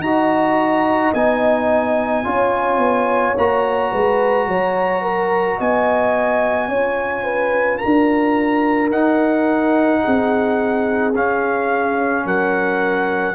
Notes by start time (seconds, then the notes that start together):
0.00 D#4 F#4 D#5 A#5
1.14 B3 D#4 G#5
2.24 C#4 F4 C#5
2.78 B3
3.36 A#3 F#4 A#5
3.92 G#3 B4
4.48 F#3 C#5
5.03 A#4
5.59 B3 D#5 G#5
6.68 C#4 F4 C#5
7.24 B4
7.78 A#4 A#5
7.85 D4
8.91 D#4 F#5
10.04 C4 G#4
11.16 C#4 F5
12.26 F#3 A#4 F#5